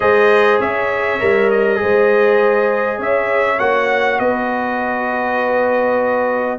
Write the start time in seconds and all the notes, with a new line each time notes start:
0.00 G#3 G#4 C5 D#5
0.59 C#4 C#5 E5
1.19 G3 A#4
1.50 D#5
1.75 G#4 C5
1.82 G#3
2.98 C#4 C#5 E5
3.59 A#3 F#4 F#5
4.19 B3 B4 D#5